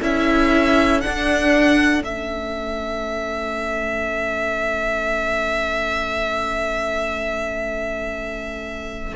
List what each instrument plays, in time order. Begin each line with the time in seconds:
0.00 cello C#4, viola E4, violin A4 E5
1.01 viola D4, cello D4, violin F#5
2.01 cello A3, viola C#4, violin E5